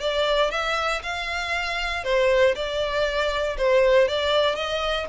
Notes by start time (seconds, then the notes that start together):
0.00 D5
0.51 E5
1.02 F5
2.04 C5
2.55 D5
3.58 C5
4.08 D5
4.55 D#5